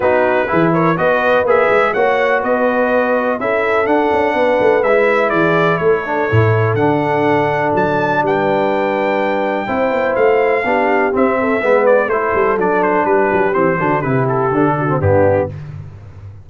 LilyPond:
<<
  \new Staff \with { instrumentName = "trumpet" } { \time 4/4 \tempo 4 = 124 b'4. cis''8 dis''4 e''4 | fis''4 dis''2 e''4 | fis''2 e''4 d''4 | cis''2 fis''2 |
a''4 g''2.~ | g''4 f''2 e''4~ | e''8 d''8 c''4 d''8 c''8 b'4 | c''4 b'8 a'4. g'4 | }
  \new Staff \with { instrumentName = "horn" } { \time 4/4 fis'4 gis'8 ais'8 b'2 | cis''4 b'2 a'4~ | a'4 b'2 gis'4 | a'1~ |
a'4 b'2. | c''2 g'4. a'8 | b'4 a'2 g'4~ | g'8 fis'8 g'4. fis'8 d'4 | }
  \new Staff \with { instrumentName = "trombone" } { \time 4/4 dis'4 e'4 fis'4 gis'4 | fis'2. e'4 | d'2 e'2~ | e'8 d'8 e'4 d'2~ |
d'1 | e'2 d'4 c'4 | b4 e'4 d'2 | c'8 d'8 e'4 d'8. c'16 b4 | }
  \new Staff \with { instrumentName = "tuba" } { \time 4/4 b4 e4 b4 ais8 gis8 | ais4 b2 cis'4 | d'8 cis'8 b8 a8 gis4 e4 | a4 a,4 d2 |
fis4 g2. | c'8 b8 a4 b4 c'4 | gis4 a8 g8 fis4 g8 fis8 | e8 d8 c4 d4 g,4 | }
>>